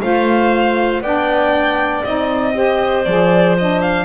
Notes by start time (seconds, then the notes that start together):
0.00 A3 F4 C5 F5
1.01 B3 D4 D5 G5
2.04 C4 D#4 D#5
2.53 G4 C5
3.05 F3 G#4 D5
3.58 D4 D#5
3.82 F5